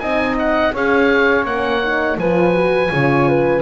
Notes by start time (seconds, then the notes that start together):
0.00 C4 D#4 D#5 G#5
0.39 F#5
0.73 C#4 G#4 C#5 F5
1.45 A#3 C#4 F#5
1.84 D#4
2.18 F3 F4 B4 G#5
2.53 F#4
2.91 C#3 F4 C#5
3.29 B4